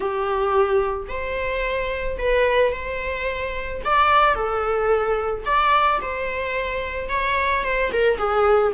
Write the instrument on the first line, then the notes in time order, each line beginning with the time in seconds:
viola
0.00 G4
1.08 C5
2.18 B4
2.72 C5
3.84 D5
4.34 A4
5.45 D5
6.01 C5
7.09 C#5
7.64 C5
7.92 A#4
8.17 G#4